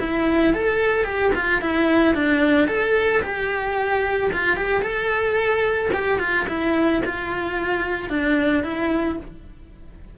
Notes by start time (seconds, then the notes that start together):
0.00 E4
0.54 A4
1.05 G4
1.35 F4
1.61 E4
2.14 D4
2.68 A4
3.23 G4
4.32 F4
4.57 G4
4.82 A4
5.93 G4
6.19 F4
6.48 E4
7.05 F4
8.09 D4
8.63 E4